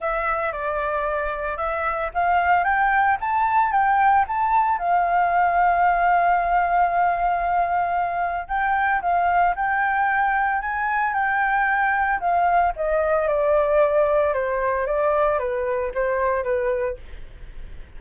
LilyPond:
\new Staff \with { instrumentName = "flute" } { \time 4/4 \tempo 4 = 113 e''4 d''2 e''4 | f''4 g''4 a''4 g''4 | a''4 f''2.~ | f''1 |
g''4 f''4 g''2 | gis''4 g''2 f''4 | dis''4 d''2 c''4 | d''4 b'4 c''4 b'4 | }